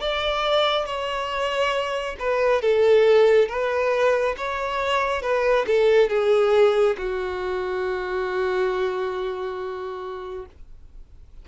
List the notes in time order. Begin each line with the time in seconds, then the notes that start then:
0.00 D5
0.85 C#5
2.19 B4
2.61 A4
3.48 B4
4.37 C#5
5.22 B4
5.66 A4
6.09 G#4
6.97 F#4